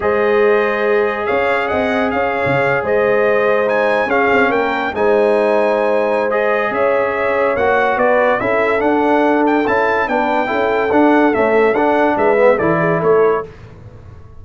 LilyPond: <<
  \new Staff \with { instrumentName = "trumpet" } { \time 4/4 \tempo 4 = 143 dis''2. f''4 | fis''4 f''4.~ f''16 dis''4~ dis''16~ | dis''8. gis''4 f''4 g''4 gis''16~ | gis''2. dis''4 |
e''2 fis''4 d''4 | e''4 fis''4. g''8 a''4 | g''2 fis''4 e''4 | fis''4 e''4 d''4 cis''4 | }
  \new Staff \with { instrumentName = "horn" } { \time 4/4 c''2. cis''4 | dis''4 cis''4.~ cis''16 c''4~ c''16~ | c''4.~ c''16 gis'4 ais'4 c''16~ | c''1 |
cis''2. b'4 | a'1 | b'4 a'2.~ | a'4 b'4 a'8 gis'8 a'4 | }
  \new Staff \with { instrumentName = "trombone" } { \time 4/4 gis'1~ | gis'1~ | gis'8. dis'4 cis'2 dis'16~ | dis'2. gis'4~ |
gis'2 fis'2 | e'4 d'2 e'4 | d'4 e'4 d'4 a4 | d'4. b8 e'2 | }
  \new Staff \with { instrumentName = "tuba" } { \time 4/4 gis2. cis'4 | c'4 cis'8. cis4 gis4~ gis16~ | gis4.~ gis16 cis'8 c'8 ais4 gis16~ | gis1 |
cis'2 ais4 b4 | cis'4 d'2 cis'4 | b4 cis'4 d'4 cis'4 | d'4 gis4 e4 a4 | }
>>